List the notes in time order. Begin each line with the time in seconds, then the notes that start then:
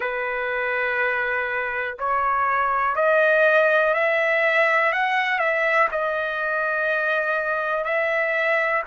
0.00 B4
1.99 C#5
2.95 D#5
3.93 E5
4.92 F#5
5.38 E5
5.91 D#5
7.84 E5